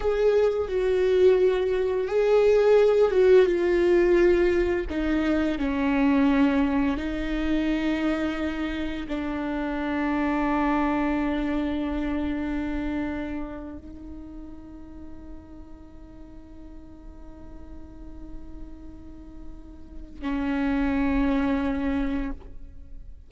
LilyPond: \new Staff \with { instrumentName = "viola" } { \time 4/4 \tempo 4 = 86 gis'4 fis'2 gis'4~ | gis'8 fis'8 f'2 dis'4 | cis'2 dis'2~ | dis'4 d'2.~ |
d'2.~ d'8. dis'16~ | dis'1~ | dis'1~ | dis'4 cis'2. | }